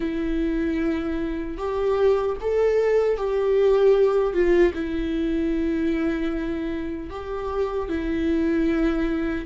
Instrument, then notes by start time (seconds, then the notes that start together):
viola
0.00 E4
1.57 G4
2.40 A4
3.17 G4
4.33 F4
4.74 E4
7.10 G4
7.88 E4